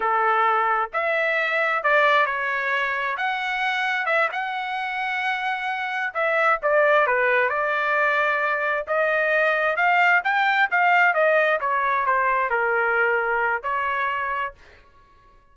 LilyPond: \new Staff \with { instrumentName = "trumpet" } { \time 4/4 \tempo 4 = 132 a'2 e''2 | d''4 cis''2 fis''4~ | fis''4 e''8 fis''2~ fis''8~ | fis''4. e''4 d''4 b'8~ |
b'8 d''2. dis''8~ | dis''4. f''4 g''4 f''8~ | f''8 dis''4 cis''4 c''4 ais'8~ | ais'2 cis''2 | }